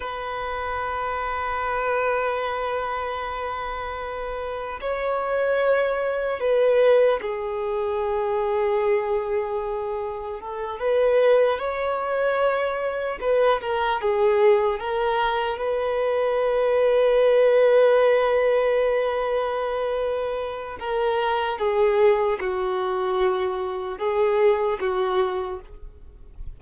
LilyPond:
\new Staff \with { instrumentName = "violin" } { \time 4/4 \tempo 4 = 75 b'1~ | b'2 cis''2 | b'4 gis'2.~ | gis'4 a'8 b'4 cis''4.~ |
cis''8 b'8 ais'8 gis'4 ais'4 b'8~ | b'1~ | b'2 ais'4 gis'4 | fis'2 gis'4 fis'4 | }